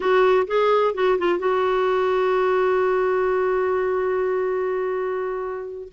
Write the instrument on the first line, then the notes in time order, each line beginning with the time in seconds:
clarinet
0.00 F#4
0.47 G#4
0.94 F#4
1.18 F4
1.39 F#4